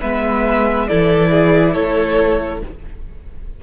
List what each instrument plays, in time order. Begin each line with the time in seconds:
0.00 cello G#3, viola B3, violin B4 E5
0.88 cello E3, viola E4, violin A4 D5
1.31 violin G#4
1.73 cello A3, violin A4 C#5